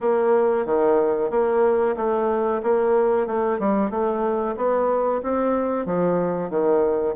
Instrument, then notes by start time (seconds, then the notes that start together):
bassoon
0.00 A#3
0.65 D#3
1.30 A#3
1.96 A3
2.62 A#3
3.26 A3
3.59 G3
3.90 A3
4.56 B3
5.22 C4
5.85 F3
6.50 D#3